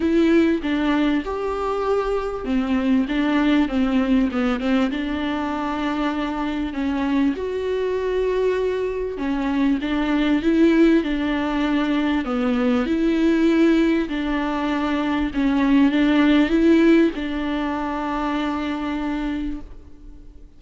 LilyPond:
\new Staff \with { instrumentName = "viola" } { \time 4/4 \tempo 4 = 98 e'4 d'4 g'2 | c'4 d'4 c'4 b8 c'8 | d'2. cis'4 | fis'2. cis'4 |
d'4 e'4 d'2 | b4 e'2 d'4~ | d'4 cis'4 d'4 e'4 | d'1 | }